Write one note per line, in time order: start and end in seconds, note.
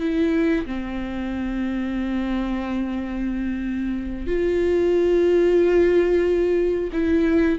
0.00 0.66 E4
0.66 4.27 C4
4.27 6.91 F4
6.93 7.59 E4